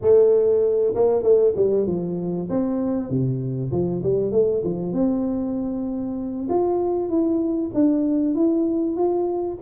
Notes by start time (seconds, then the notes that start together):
0.01 A3
0.94 A#3
1.22 A3
1.55 G3
1.87 F3
2.49 C4
3.09 C3
3.71 F3
4.03 G3
4.31 A3
4.64 F3
4.92 C4
6.49 F4
7.09 E4
7.73 D4
8.34 E4
8.96 F4